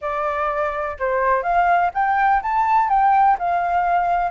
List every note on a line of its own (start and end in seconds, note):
0.01 0.97 D5
0.99 1.42 C5
1.42 1.90 F5
1.94 2.42 G5
2.42 2.89 A5
2.89 3.37 G5
3.38 4.31 F5